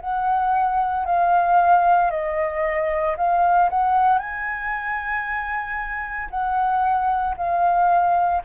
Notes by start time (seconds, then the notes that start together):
0.00 F#5
1.05 F5
2.11 D#5
3.17 F5
3.70 F#5
4.18 G#5
6.30 F#5
7.37 F5